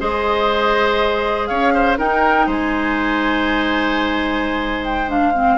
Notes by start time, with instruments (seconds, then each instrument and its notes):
0.00 bassoon G#3, clarinet G#4, oboe C5, flute D#5
1.47 bassoon C#4, oboe C#5, flute F5
1.74 oboe C5
1.98 bassoon D#4, clarinet D#4, oboe A#4, flute G5
2.47 bassoon G#3, oboe C5, flute G#5
4.85 flute G5
5.08 clarinet D4, flute F5
5.34 clarinet C4